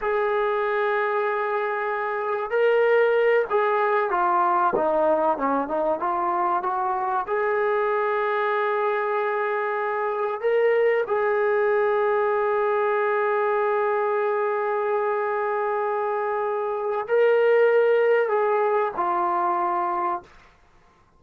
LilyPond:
\new Staff \with { instrumentName = "trombone" } { \time 4/4 \tempo 4 = 95 gis'1 | ais'4. gis'4 f'4 dis'8~ | dis'8 cis'8 dis'8 f'4 fis'4 gis'8~ | gis'1~ |
gis'8 ais'4 gis'2~ gis'8~ | gis'1~ | gis'2. ais'4~ | ais'4 gis'4 f'2 | }